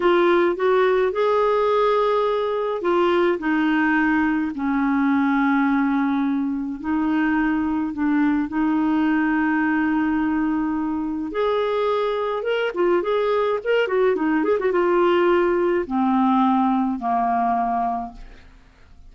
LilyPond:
\new Staff \with { instrumentName = "clarinet" } { \time 4/4 \tempo 4 = 106 f'4 fis'4 gis'2~ | gis'4 f'4 dis'2 | cis'1 | dis'2 d'4 dis'4~ |
dis'1 | gis'2 ais'8 f'8 gis'4 | ais'8 fis'8 dis'8 gis'16 fis'16 f'2 | c'2 ais2 | }